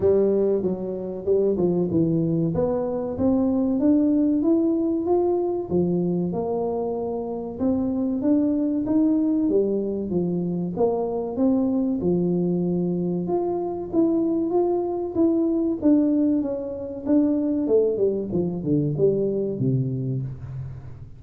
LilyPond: \new Staff \with { instrumentName = "tuba" } { \time 4/4 \tempo 4 = 95 g4 fis4 g8 f8 e4 | b4 c'4 d'4 e'4 | f'4 f4 ais2 | c'4 d'4 dis'4 g4 |
f4 ais4 c'4 f4~ | f4 f'4 e'4 f'4 | e'4 d'4 cis'4 d'4 | a8 g8 f8 d8 g4 c4 | }